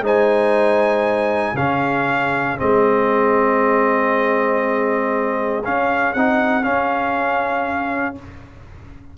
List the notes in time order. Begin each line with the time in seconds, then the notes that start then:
0.00 G#3 D#4 C5
0.06 G#5
1.53 C#3 C#4 G#4 F5
2.57 G#3 C4 D#5
5.64 C#4 F5
6.13 C4 D#4 F#5
6.62 C#4 F5